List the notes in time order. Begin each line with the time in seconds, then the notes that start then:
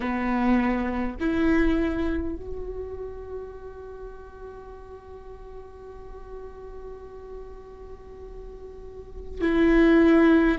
0.00 B3
1.20 E4
2.35 F#4
9.41 E4